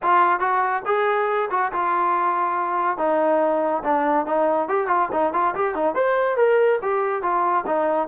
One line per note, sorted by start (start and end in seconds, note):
0.02 0.39 F4
0.39 0.82 F#4
0.85 1.49 G#4
1.50 1.71 F#4
1.72 2.97 F4
2.97 3.82 D#4
3.83 4.26 D4
4.26 4.68 D#4
4.68 4.87 G4
4.87 5.08 F4
5.12 5.33 D#4
5.33 5.54 F4
5.55 5.74 G4
5.74 5.95 D#4
5.95 6.36 C5
6.36 6.79 A#4
6.82 7.22 G4
7.22 7.64 F4
7.66 8.08 D#4